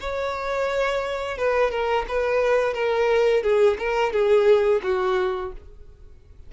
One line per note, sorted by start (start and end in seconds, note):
0.00 1.38 C#5
1.38 1.71 B4
1.71 2.05 A#4
2.08 2.74 B4
2.74 3.43 A#4
3.43 3.77 G#4
3.78 4.12 A#4
4.12 4.81 G#4
4.83 5.52 F#4